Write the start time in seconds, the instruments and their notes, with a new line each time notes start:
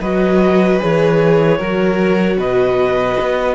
0.00 cello F#3, viola F#4, violin B4, clarinet D#5
0.79 cello E3, viola G#4, clarinet C#5
1.58 cello F#3, viola F#4, violin A#4
2.37 cello B2, violin B4, clarinet D#5
3.20 cello B3